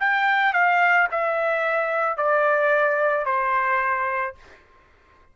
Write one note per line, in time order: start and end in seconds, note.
0.00 0.53 G5
0.53 1.08 F5
1.11 2.17 E5
2.17 3.26 D5
3.26 4.35 C5